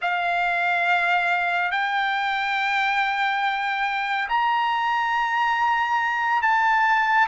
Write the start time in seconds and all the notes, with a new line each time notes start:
0.01 F5
1.71 G5
4.29 A#5
6.42 A5